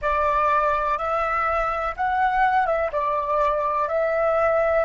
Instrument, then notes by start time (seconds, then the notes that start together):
flute
0.01 D5
0.98 E5
1.96 F#5
2.66 E5
2.92 D5
3.88 E5